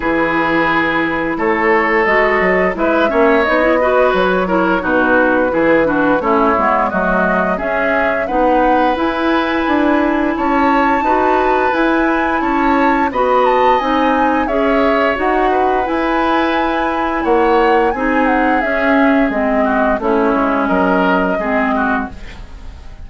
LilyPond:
<<
  \new Staff \with { instrumentName = "flute" } { \time 4/4 \tempo 4 = 87 b'2 cis''4 dis''4 | e''4 dis''4 cis''4 b'4~ | b'4 cis''4 dis''4 e''4 | fis''4 gis''2 a''4~ |
a''4 gis''4 a''4 b''8 a''8 | gis''4 e''4 fis''4 gis''4~ | gis''4 fis''4 gis''8 fis''8 e''4 | dis''4 cis''4 dis''2 | }
  \new Staff \with { instrumentName = "oboe" } { \time 4/4 gis'2 a'2 | b'8 cis''4 b'4 ais'8 fis'4 | gis'8 fis'8 e'4 fis'4 gis'4 | b'2. cis''4 |
b'2 cis''4 dis''4~ | dis''4 cis''4. b'4.~ | b'4 cis''4 gis'2~ | gis'8 fis'8 e'4 ais'4 gis'8 fis'8 | }
  \new Staff \with { instrumentName = "clarinet" } { \time 4/4 e'2. fis'4 | e'8 cis'8 dis'16 e'16 fis'4 e'8 dis'4 | e'8 d'8 cis'8 b8 a4 cis'4 | dis'4 e'2. |
fis'4 e'2 fis'4 | dis'4 gis'4 fis'4 e'4~ | e'2 dis'4 cis'4 | c'4 cis'2 c'4 | }
  \new Staff \with { instrumentName = "bassoon" } { \time 4/4 e2 a4 gis8 fis8 | gis8 ais8 b4 fis4 b,4 | e4 a8 gis8 fis4 cis'4 | b4 e'4 d'4 cis'4 |
dis'4 e'4 cis'4 b4 | c'4 cis'4 dis'4 e'4~ | e'4 ais4 c'4 cis'4 | gis4 a8 gis8 fis4 gis4 | }
>>